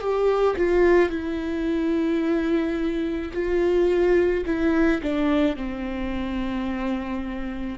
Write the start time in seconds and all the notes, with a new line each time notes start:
0.00 G4
0.57 F4
1.10 E4
3.33 F4
4.45 E4
5.02 D4
5.56 C4